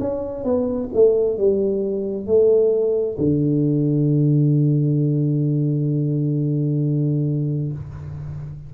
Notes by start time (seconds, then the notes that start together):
0.00 C#4
0.44 B3
0.94 A3
1.38 G3
2.27 A3
3.19 D3